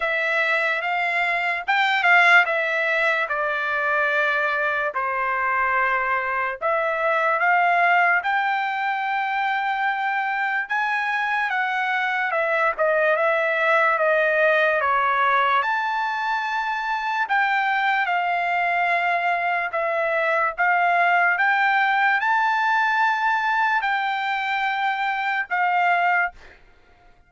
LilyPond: \new Staff \with { instrumentName = "trumpet" } { \time 4/4 \tempo 4 = 73 e''4 f''4 g''8 f''8 e''4 | d''2 c''2 | e''4 f''4 g''2~ | g''4 gis''4 fis''4 e''8 dis''8 |
e''4 dis''4 cis''4 a''4~ | a''4 g''4 f''2 | e''4 f''4 g''4 a''4~ | a''4 g''2 f''4 | }